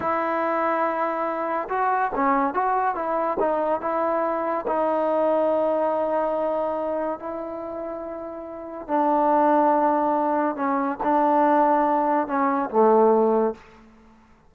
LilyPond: \new Staff \with { instrumentName = "trombone" } { \time 4/4 \tempo 4 = 142 e'1 | fis'4 cis'4 fis'4 e'4 | dis'4 e'2 dis'4~ | dis'1~ |
dis'4 e'2.~ | e'4 d'2.~ | d'4 cis'4 d'2~ | d'4 cis'4 a2 | }